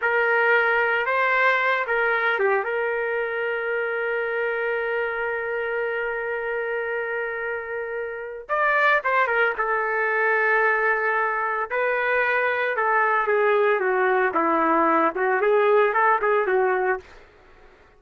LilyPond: \new Staff \with { instrumentName = "trumpet" } { \time 4/4 \tempo 4 = 113 ais'2 c''4. ais'8~ | ais'8 g'8 ais'2.~ | ais'1~ | ais'1 |
d''4 c''8 ais'8 a'2~ | a'2 b'2 | a'4 gis'4 fis'4 e'4~ | e'8 fis'8 gis'4 a'8 gis'8 fis'4 | }